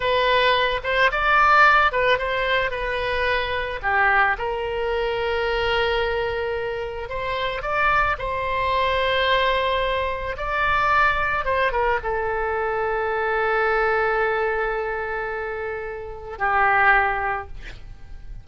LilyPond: \new Staff \with { instrumentName = "oboe" } { \time 4/4 \tempo 4 = 110 b'4. c''8 d''4. b'8 | c''4 b'2 g'4 | ais'1~ | ais'4 c''4 d''4 c''4~ |
c''2. d''4~ | d''4 c''8 ais'8 a'2~ | a'1~ | a'2 g'2 | }